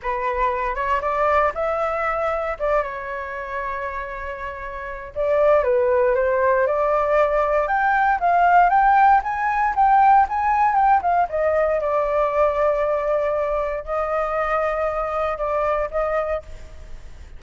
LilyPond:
\new Staff \with { instrumentName = "flute" } { \time 4/4 \tempo 4 = 117 b'4. cis''8 d''4 e''4~ | e''4 d''8 cis''2~ cis''8~ | cis''2 d''4 b'4 | c''4 d''2 g''4 |
f''4 g''4 gis''4 g''4 | gis''4 g''8 f''8 dis''4 d''4~ | d''2. dis''4~ | dis''2 d''4 dis''4 | }